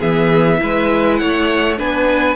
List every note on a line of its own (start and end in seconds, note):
0.00 0.61 E3
0.00 0.59 B3
0.00 0.59 G#4
0.00 1.17 E5
0.59 1.21 G#3
0.59 1.77 E4
0.59 1.20 B4
1.17 1.80 A3
1.17 1.78 C#5
1.17 1.75 F#5
1.78 2.36 B3
1.78 2.36 D4
1.78 2.36 B4
1.78 2.36 G#5